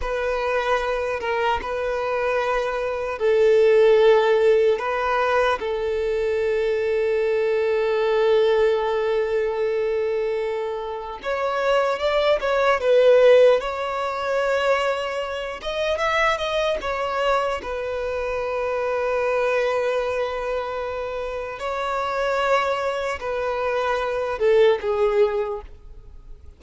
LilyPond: \new Staff \with { instrumentName = "violin" } { \time 4/4 \tempo 4 = 75 b'4. ais'8 b'2 | a'2 b'4 a'4~ | a'1~ | a'2 cis''4 d''8 cis''8 |
b'4 cis''2~ cis''8 dis''8 | e''8 dis''8 cis''4 b'2~ | b'2. cis''4~ | cis''4 b'4. a'8 gis'4 | }